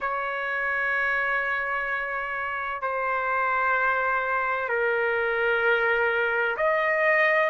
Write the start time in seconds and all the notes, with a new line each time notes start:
0.00 C#5
2.81 C5
4.69 A#4
6.56 D#5